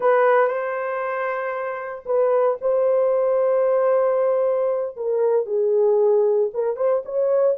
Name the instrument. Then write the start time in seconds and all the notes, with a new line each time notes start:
horn
0.00 B4
0.47 C5
2.05 B4
2.61 C5
4.96 A#4
5.46 G#4
6.53 A#4
6.76 C5
7.05 C#5